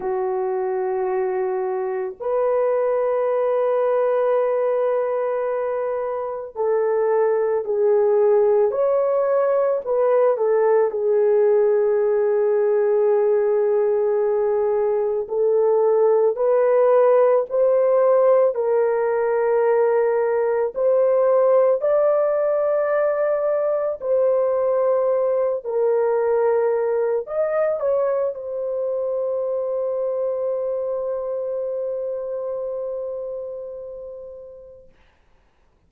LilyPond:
\new Staff \with { instrumentName = "horn" } { \time 4/4 \tempo 4 = 55 fis'2 b'2~ | b'2 a'4 gis'4 | cis''4 b'8 a'8 gis'2~ | gis'2 a'4 b'4 |
c''4 ais'2 c''4 | d''2 c''4. ais'8~ | ais'4 dis''8 cis''8 c''2~ | c''1 | }